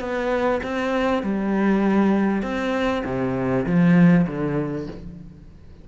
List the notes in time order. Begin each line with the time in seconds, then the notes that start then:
0.00 B3
0.63 C4
1.23 G3
2.42 C4
3.05 C3
3.66 F3
4.27 D3